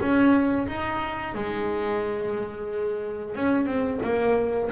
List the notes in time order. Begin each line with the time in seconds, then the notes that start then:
0.00 C#4
0.68 D#4
1.35 G#3
3.36 C#4
3.66 C4
4.03 A#3